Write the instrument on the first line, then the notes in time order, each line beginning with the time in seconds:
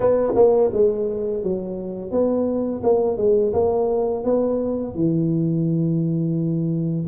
tuba
0.00 B3
0.35 A#3
0.73 G#3
1.43 F#3
2.11 B3
2.83 A#3
3.17 G#3
3.53 A#3
4.24 B3
4.94 E3